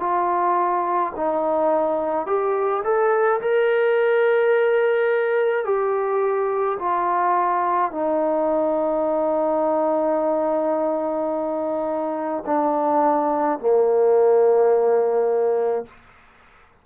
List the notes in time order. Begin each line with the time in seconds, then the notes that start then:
0.00 F4
1.16 D#4
2.27 G4
2.84 A4
3.41 A#4
5.65 G4
6.80 F4
7.91 D#4
12.46 D4
13.60 A#3